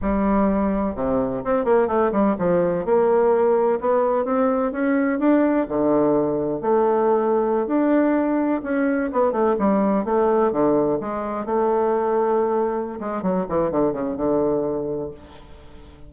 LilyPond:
\new Staff \with { instrumentName = "bassoon" } { \time 4/4 \tempo 4 = 127 g2 c4 c'8 ais8 | a8 g8 f4 ais2 | b4 c'4 cis'4 d'4 | d2 a2~ |
a16 d'2 cis'4 b8 a16~ | a16 g4 a4 d4 gis8.~ | gis16 a2.~ a16 gis8 | fis8 e8 d8 cis8 d2 | }